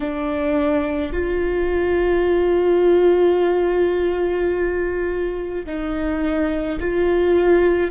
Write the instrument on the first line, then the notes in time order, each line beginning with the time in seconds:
viola
0.00 D4
1.13 F4
5.66 D#4
6.79 F4